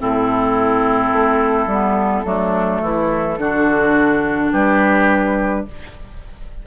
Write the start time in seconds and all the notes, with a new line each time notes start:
0.00 A2 C4 E4 A4
1.12 A3
1.66 G3 B3
2.25 F#3 A3 D4
2.81 E3 E4
3.37 D3 D4 F#4
4.52 G3 G4 B4